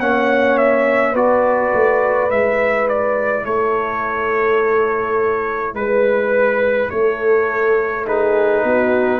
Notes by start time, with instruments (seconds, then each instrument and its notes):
0.00 tuba A#3, trombone C#4, horn C#5, trumpet F#5
0.57 trumpet E5
1.12 tuba B3, trombone F#4, horn B4, trumpet D5
1.73 tuba A3
2.29 tuba G#3, trombone E4, trumpet E5
2.88 trumpet D5
3.44 tuba A3, horn A4, trumpet C#5
5.74 tuba G#3, trumpet B4, horn B4
6.90 tuba A3, horn A4, trumpet C#5
8.06 trombone D#4, horn G#4, trumpet B4
8.63 tuba B3, horn F#4